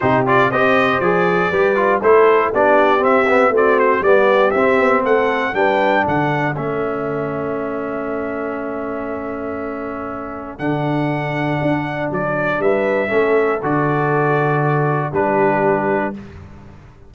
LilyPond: <<
  \new Staff \with { instrumentName = "trumpet" } { \time 4/4 \tempo 4 = 119 c''8 d''8 dis''4 d''2 | c''4 d''4 e''4 d''8 c''8 | d''4 e''4 fis''4 g''4 | fis''4 e''2.~ |
e''1~ | e''4 fis''2. | d''4 e''2 d''4~ | d''2 b'2 | }
  \new Staff \with { instrumentName = "horn" } { \time 4/4 g'4 c''2 b'4 | a'4 g'2 fis'4 | g'2 a'4 b'4 | a'1~ |
a'1~ | a'1~ | a'4 b'4 a'2~ | a'2 g'2 | }
  \new Staff \with { instrumentName = "trombone" } { \time 4/4 dis'8 f'8 g'4 gis'4 g'8 f'8 | e'4 d'4 c'8 b8 c'4 | b4 c'2 d'4~ | d'4 cis'2.~ |
cis'1~ | cis'4 d'2.~ | d'2 cis'4 fis'4~ | fis'2 d'2 | }
  \new Staff \with { instrumentName = "tuba" } { \time 4/4 c4 c'4 f4 g4 | a4 b4 c'4 a4 | g4 c'8 b8 a4 g4 | d4 a2.~ |
a1~ | a4 d2 d'4 | fis4 g4 a4 d4~ | d2 g2 | }
>>